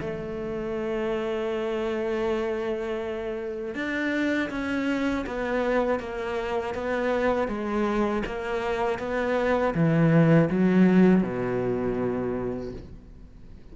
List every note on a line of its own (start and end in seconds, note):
0.00 3.74 A3
3.74 4.49 D4
4.50 5.25 C#4
5.26 5.99 B3
5.99 6.74 A#3
6.74 7.48 B3
7.48 8.23 G#3
8.26 8.99 A#3
8.99 9.74 B3
9.74 10.49 E3
10.50 11.22 F#3
11.22 12.72 B2